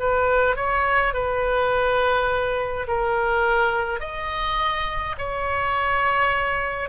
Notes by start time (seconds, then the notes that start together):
0.00 B4
0.56 C#5
1.14 B4
2.88 A#4
4.01 D#5
5.18 C#5